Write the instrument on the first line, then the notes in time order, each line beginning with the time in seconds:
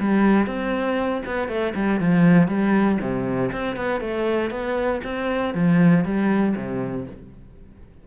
cello
0.00 G3
0.47 C4
1.26 B3
1.48 A3
1.75 G3
2.01 F3
2.48 G3
3.02 C3
3.52 C4
3.76 B3
4.01 A3
4.51 B3
5.04 C4
5.55 F3
6.05 G3
6.57 C3